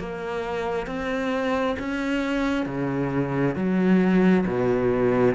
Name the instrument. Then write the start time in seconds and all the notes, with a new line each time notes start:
cello
0.00 A#3
0.87 C4
1.79 C#4
2.66 C#3
3.56 F#3
4.47 B2